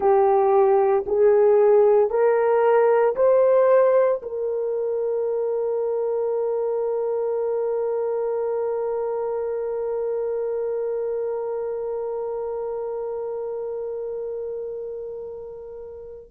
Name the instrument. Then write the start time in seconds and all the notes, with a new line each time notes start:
horn
0.00 G4
1.06 G#4
2.10 A#4
3.15 C5
4.22 A#4